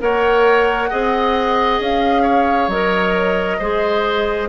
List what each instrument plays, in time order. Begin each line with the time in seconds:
0.00 bassoon A#3, clarinet A#4, oboe C#5, flute F#5
0.90 bassoon C4, clarinet G#4, oboe D#5
1.80 bassoon C#4, flute F5
2.23 oboe C#5
2.68 bassoon F#3, clarinet A#4, flute D#5
3.60 bassoon G#3, clarinet G#4, oboe C5